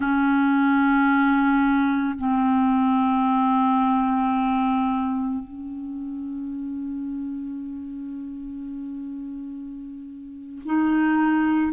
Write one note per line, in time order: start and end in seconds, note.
0.00 2.17 C#4
2.18 5.43 C4
5.43 10.62 C#4
10.65 11.73 D#4